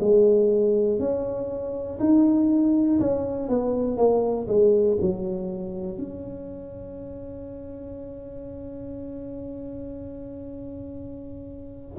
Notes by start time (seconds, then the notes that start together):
0.00 G#3
0.99 C#4
2.00 D#4
3.00 C#4
3.49 B3
3.98 A#3
4.48 G#3
5.01 F#3
5.99 C#4